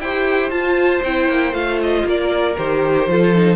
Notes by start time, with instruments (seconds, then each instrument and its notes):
0.00 cello E4, viola G4, violin C5 G5
0.50 cello F4, viola F4, violin A5
1.03 cello C4, viola E4, violin G5
1.29 cello A#3
1.52 cello A3, viola F4, violin F5
1.83 violin D#5
2.05 cello A#3, violin A#4 D5
2.57 cello D#3, viola G4, violin C5
3.07 cello F3, viola F4, violin A4
3.35 viola D#4